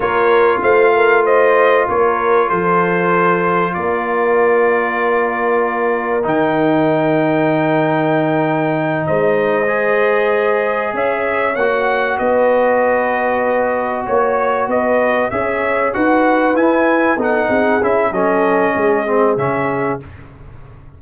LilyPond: <<
  \new Staff \with { instrumentName = "trumpet" } { \time 4/4 \tempo 4 = 96 cis''4 f''4 dis''4 cis''4 | c''2 d''2~ | d''2 g''2~ | g''2~ g''8 dis''4.~ |
dis''4. e''4 fis''4 dis''8~ | dis''2~ dis''8 cis''4 dis''8~ | dis''8 e''4 fis''4 gis''4 fis''8~ | fis''8 e''8 dis''2 e''4 | }
  \new Staff \with { instrumentName = "horn" } { \time 4/4 ais'4 c''8 ais'8 c''4 ais'4 | a'2 ais'2~ | ais'1~ | ais'2~ ais'8 c''4.~ |
c''4. cis''2 b'8~ | b'2~ b'8 cis''4 b'8~ | b'8 cis''4 b'2 a'8 | gis'4 a'4 gis'2 | }
  \new Staff \with { instrumentName = "trombone" } { \time 4/4 f'1~ | f'1~ | f'2 dis'2~ | dis'2.~ dis'8 gis'8~ |
gis'2~ gis'8 fis'4.~ | fis'1~ | fis'8 gis'4 fis'4 e'4 dis'8~ | dis'8 e'8 cis'4. c'8 cis'4 | }
  \new Staff \with { instrumentName = "tuba" } { \time 4/4 ais4 a2 ais4 | f2 ais2~ | ais2 dis2~ | dis2~ dis8 gis4.~ |
gis4. cis'4 ais4 b8~ | b2~ b8 ais4 b8~ | b8 cis'4 dis'4 e'4 b8 | c'8 cis'8 fis4 gis4 cis4 | }
>>